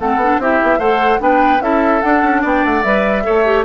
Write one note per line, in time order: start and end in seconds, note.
0.00 0.16 A3
0.00 0.22 C4
0.00 0.41 A4
0.00 0.41 F#5
0.16 0.37 B3
0.16 0.42 D4
0.39 0.60 C4
0.39 0.80 E4
0.39 0.79 G4
0.39 0.80 E5
0.63 0.79 B3
0.79 1.20 A3
0.79 1.19 A4
0.79 1.20 C5
0.79 1.21 F#5
1.19 1.60 B3
1.19 1.60 D4
1.19 1.64 B4
1.19 1.62 G5
1.60 2.01 C#4
1.60 2.02 E4
1.60 2.42 A4
1.60 2.02 E5
2.02 2.23 D4
2.02 2.85 D4
2.02 2.42 F#5
2.23 2.44 C#4
2.42 2.64 B3
2.42 3.24 D5
2.42 2.65 G5
2.65 2.84 A3
2.65 2.83 F#5
2.83 3.25 G3
2.83 3.24 B4
2.83 3.64 E5
3.24 3.65 A3
3.24 3.44 A4
3.24 3.65 C#5
3.45 3.65 G4